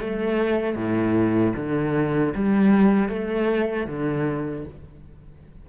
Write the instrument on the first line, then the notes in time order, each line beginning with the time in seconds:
cello
0.00 A3
0.75 A2
1.56 D3
2.34 G3
3.09 A3
3.87 D3